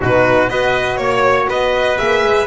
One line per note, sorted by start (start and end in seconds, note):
0.00 0.50 B2
0.00 0.48 D#4
0.00 0.50 F#4
0.00 0.49 B4
0.48 0.98 B3
0.48 1.97 F#4
0.48 0.99 B4
0.48 0.97 D#5
0.97 1.48 A#3
0.97 1.46 C#5
0.97 1.49 C#5
1.48 1.98 B3
1.48 2.47 B4
1.48 1.97 D#5
1.97 2.23 A#3
1.97 2.47 G#4
1.97 2.47 E5
2.23 2.47 G#3